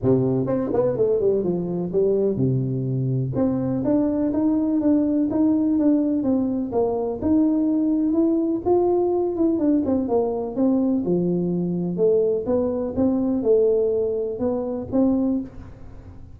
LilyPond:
\new Staff \with { instrumentName = "tuba" } { \time 4/4 \tempo 4 = 125 c4 c'8 b8 a8 g8 f4 | g4 c2 c'4 | d'4 dis'4 d'4 dis'4 | d'4 c'4 ais4 dis'4~ |
dis'4 e'4 f'4. e'8 | d'8 c'8 ais4 c'4 f4~ | f4 a4 b4 c'4 | a2 b4 c'4 | }